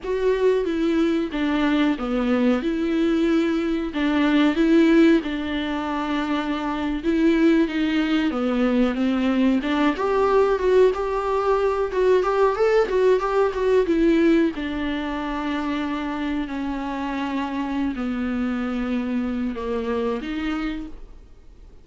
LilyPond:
\new Staff \with { instrumentName = "viola" } { \time 4/4 \tempo 4 = 92 fis'4 e'4 d'4 b4 | e'2 d'4 e'4 | d'2~ d'8. e'4 dis'16~ | dis'8. b4 c'4 d'8 g'8.~ |
g'16 fis'8 g'4. fis'8 g'8 a'8 fis'16~ | fis'16 g'8 fis'8 e'4 d'4.~ d'16~ | d'4~ d'16 cis'2~ cis'16 b8~ | b2 ais4 dis'4 | }